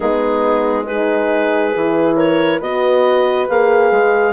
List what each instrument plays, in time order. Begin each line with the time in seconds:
0.00 bassoon G#3, horn B3 D#4, clarinet G#4
0.85 horn D#4 G#4, clarinet B4
1.75 bassoon E3, horn E4
2.16 horn A#4, clarinet C#5
2.59 bassoon B3, horn F#4 B4, clarinet D#5
3.48 bassoon A#3, horn G#4, clarinet F5
3.91 bassoon G#3